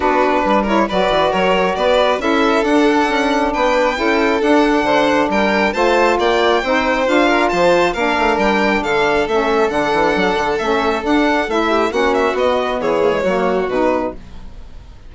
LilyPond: <<
  \new Staff \with { instrumentName = "violin" } { \time 4/4 \tempo 4 = 136 b'4. cis''8 d''4 cis''4 | d''4 e''4 fis''2 | g''2 fis''2 | g''4 a''4 g''2 |
f''4 a''4 f''4 g''4 | f''4 e''4 fis''2 | e''4 fis''4 e''4 fis''8 e''8 | dis''4 cis''2 b'4 | }
  \new Staff \with { instrumentName = "violin" } { \time 4/4 fis'4 b'8 ais'8 b'4 ais'4 | b'4 a'2. | b'4 a'2 c''4 | ais'4 c''4 d''4 c''4~ |
c''8 ais'8 c''4 ais'2 | a'1~ | a'2~ a'8 g'8 fis'4~ | fis'4 gis'4 fis'2 | }
  \new Staff \with { instrumentName = "saxophone" } { \time 4/4 d'4. e'8 fis'2~ | fis'4 e'4 d'2~ | d'4 e'4 d'2~ | d'4 f'2 dis'4 |
f'2 d'2~ | d'4 cis'4 d'2 | cis'4 d'4 e'4 cis'4 | b4. ais16 gis16 ais4 dis'4 | }
  \new Staff \with { instrumentName = "bassoon" } { \time 4/4 b4 g4 fis8 e8 fis4 | b4 cis'4 d'4 cis'4 | b4 cis'4 d'4 d4 | g4 a4 ais4 c'4 |
d'4 f4 ais8 a8 g4 | d4 a4 d8 e8 fis8 d8 | a4 d'4 a4 ais4 | b4 e4 fis4 b,4 | }
>>